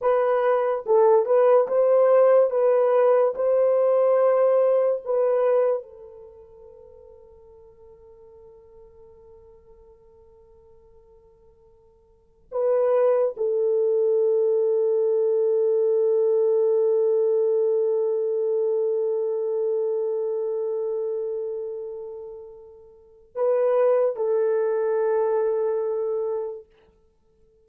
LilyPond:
\new Staff \with { instrumentName = "horn" } { \time 4/4 \tempo 4 = 72 b'4 a'8 b'8 c''4 b'4 | c''2 b'4 a'4~ | a'1~ | a'2. b'4 |
a'1~ | a'1~ | a'1 | b'4 a'2. | }